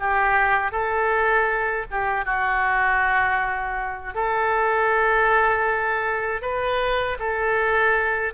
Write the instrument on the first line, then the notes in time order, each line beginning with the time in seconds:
oboe
0.00 G4
0.72 A4
1.91 G4
2.25 F#4
4.15 A4
6.42 B4
7.19 A4